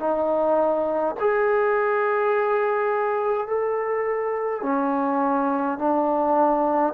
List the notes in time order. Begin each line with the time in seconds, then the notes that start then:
0.00 D#4
1.21 G#4
3.48 A4
4.63 C#4
5.78 D4